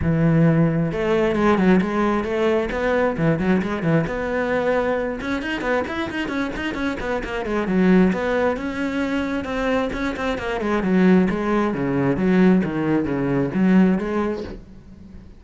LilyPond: \new Staff \with { instrumentName = "cello" } { \time 4/4 \tempo 4 = 133 e2 a4 gis8 fis8 | gis4 a4 b4 e8 fis8 | gis8 e8 b2~ b8 cis'8 | dis'8 b8 e'8 dis'8 cis'8 dis'8 cis'8 b8 |
ais8 gis8 fis4 b4 cis'4~ | cis'4 c'4 cis'8 c'8 ais8 gis8 | fis4 gis4 cis4 fis4 | dis4 cis4 fis4 gis4 | }